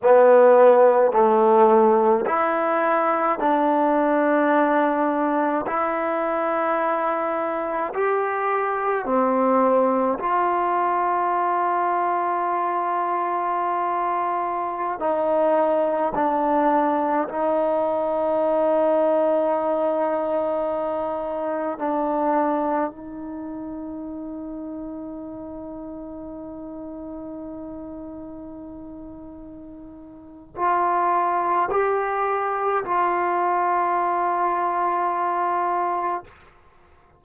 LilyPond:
\new Staff \with { instrumentName = "trombone" } { \time 4/4 \tempo 4 = 53 b4 a4 e'4 d'4~ | d'4 e'2 g'4 | c'4 f'2.~ | f'4~ f'16 dis'4 d'4 dis'8.~ |
dis'2.~ dis'16 d'8.~ | d'16 dis'2.~ dis'8.~ | dis'2. f'4 | g'4 f'2. | }